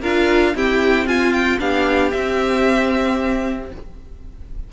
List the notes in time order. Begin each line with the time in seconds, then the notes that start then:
0.00 D4 F4 A#4 F5
0.54 C4 E4 G4 G5
1.06 F4 G#5
1.32 G5
1.59 B3 D4 G4 F5
2.10 C4 E5